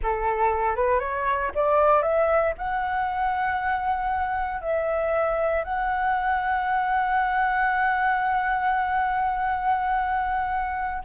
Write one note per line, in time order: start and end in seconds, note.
0.02 0.75 A4
0.75 0.99 B4
0.99 1.51 C#5
1.54 2.02 D5
2.02 2.53 E5
2.58 4.61 F#5
4.61 5.63 E5
5.64 11.02 F#5